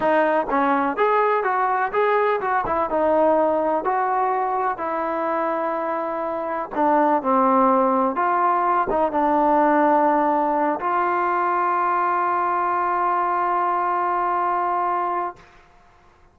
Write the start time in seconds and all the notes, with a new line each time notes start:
0.00 D#4
0.49 C#4
0.96 G#4
1.43 F#4
1.92 G#4
2.40 F#4
2.66 E4
2.90 D#4
3.84 F#4
4.77 E4
6.74 D4
7.22 C4
8.15 F4
8.89 D#4
9.11 D4
10.80 F4